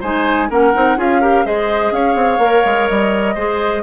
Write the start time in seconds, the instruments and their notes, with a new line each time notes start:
0.00 bassoon G#3, clarinet D#4, oboe C5, flute G#5
0.49 bassoon A#3, clarinet C#4, oboe A#4, flute F#5
0.73 bassoon C4, clarinet D#4
0.97 bassoon C#4, clarinet F4, oboe G#4, flute F5
1.21 clarinet G4, oboe A#4
1.45 bassoon G#3, clarinet G#4, oboe C5, flute D#5
1.91 bassoon C#4, oboe C#5, flute F5
2.15 bassoon C4
2.38 bassoon A#3, clarinet A#4
2.65 bassoon G#3
2.88 bassoon G3, flute D#5
3.34 bassoon G#3, clarinet G#4, oboe C5